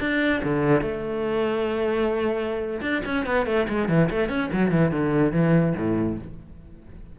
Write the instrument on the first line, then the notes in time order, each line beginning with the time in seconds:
cello
0.00 D4
0.44 D3
0.81 A3
2.81 D4
3.05 C#4
3.26 B3
3.46 A3
3.68 G#3
3.89 E3
4.10 A3
4.29 C#4
4.53 F#3
4.71 E3
4.92 D3
5.32 E3
5.77 A2